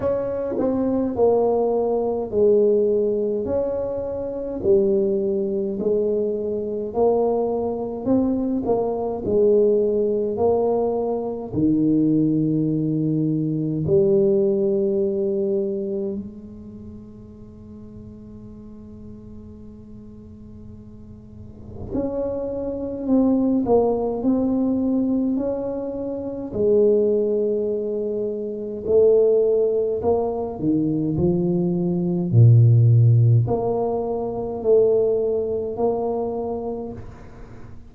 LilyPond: \new Staff \with { instrumentName = "tuba" } { \time 4/4 \tempo 4 = 52 cis'8 c'8 ais4 gis4 cis'4 | g4 gis4 ais4 c'8 ais8 | gis4 ais4 dis2 | g2 gis2~ |
gis2. cis'4 | c'8 ais8 c'4 cis'4 gis4~ | gis4 a4 ais8 dis8 f4 | ais,4 ais4 a4 ais4 | }